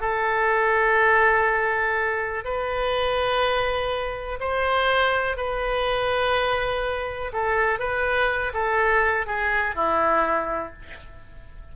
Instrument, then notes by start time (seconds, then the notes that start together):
oboe
0.00 A4
2.44 B4
4.40 C5
5.37 B4
7.32 A4
7.79 B4
8.53 A4
9.26 G#4
9.75 E4